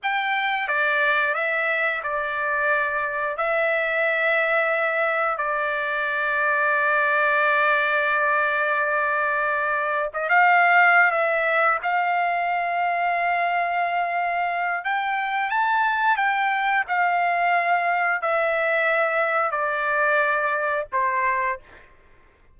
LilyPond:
\new Staff \with { instrumentName = "trumpet" } { \time 4/4 \tempo 4 = 89 g''4 d''4 e''4 d''4~ | d''4 e''2. | d''1~ | d''2. dis''16 f''8.~ |
f''8 e''4 f''2~ f''8~ | f''2 g''4 a''4 | g''4 f''2 e''4~ | e''4 d''2 c''4 | }